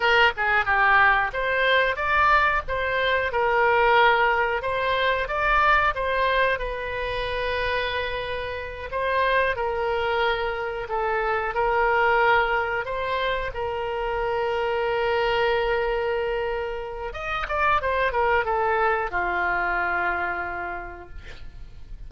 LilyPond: \new Staff \with { instrumentName = "oboe" } { \time 4/4 \tempo 4 = 91 ais'8 gis'8 g'4 c''4 d''4 | c''4 ais'2 c''4 | d''4 c''4 b'2~ | b'4. c''4 ais'4.~ |
ais'8 a'4 ais'2 c''8~ | c''8 ais'2.~ ais'8~ | ais'2 dis''8 d''8 c''8 ais'8 | a'4 f'2. | }